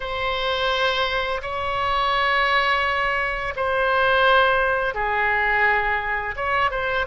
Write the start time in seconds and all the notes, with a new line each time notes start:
0.00 C5
1.42 C#5
3.56 C5
4.94 G#4
6.35 C#5
6.70 C5